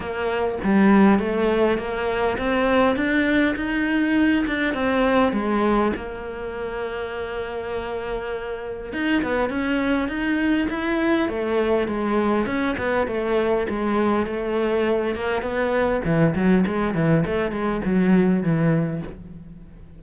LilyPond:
\new Staff \with { instrumentName = "cello" } { \time 4/4 \tempo 4 = 101 ais4 g4 a4 ais4 | c'4 d'4 dis'4. d'8 | c'4 gis4 ais2~ | ais2. dis'8 b8 |
cis'4 dis'4 e'4 a4 | gis4 cis'8 b8 a4 gis4 | a4. ais8 b4 e8 fis8 | gis8 e8 a8 gis8 fis4 e4 | }